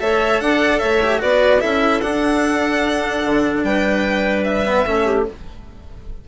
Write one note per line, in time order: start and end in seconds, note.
0.00 0.41 A3
0.00 1.01 A4
0.00 0.42 C#5
0.00 0.41 E5
0.41 0.82 D4
0.41 0.80 D5
0.41 0.79 F#5
0.79 1.22 A3
0.79 1.21 C#5
0.79 1.20 E5
1.03 1.19 G4
1.19 1.63 B3
1.19 1.60 F#4
1.19 1.61 B4
1.19 1.61 D5
1.60 2.02 C#4
1.60 2.01 E4
1.60 3.64 A4
1.60 2.01 E5
2.01 3.23 D4
2.01 4.66 D4
2.01 3.64 F#5
3.25 3.64 D3
3.64 4.85 G3
3.64 4.87 B4
3.64 4.44 G5
4.44 5.25 E5
4.66 4.86 B3
4.87 5.28 A3
4.87 5.27 C#4
4.87 5.05 A4
5.05 5.26 G4